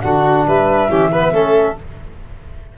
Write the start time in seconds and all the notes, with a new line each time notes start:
0.00 D3 D4 F#4 F#5
0.46 G3 B4 E5
0.88 E3 C#4 G4
1.11 B3 B4
1.32 A3 C#4 A4